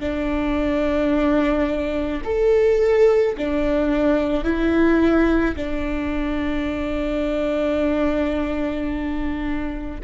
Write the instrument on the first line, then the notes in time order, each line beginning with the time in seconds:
viola
0.00 D4
2.25 A4
3.37 D4
4.44 E4
5.56 D4